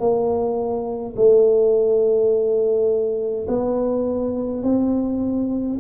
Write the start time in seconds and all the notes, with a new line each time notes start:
0.00 A#3
1.16 A3
3.48 B3
4.63 C4